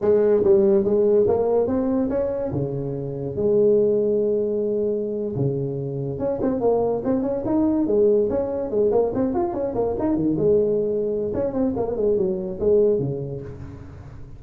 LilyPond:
\new Staff \with { instrumentName = "tuba" } { \time 4/4 \tempo 4 = 143 gis4 g4 gis4 ais4 | c'4 cis'4 cis2 | gis1~ | gis8. cis2 cis'8 c'8 ais16~ |
ais8. c'8 cis'8 dis'4 gis4 cis'16~ | cis'8. gis8 ais8 c'8 f'8 cis'8 ais8 dis'16~ | dis'16 dis8 gis2~ gis16 cis'8 c'8 | ais8 gis8 fis4 gis4 cis4 | }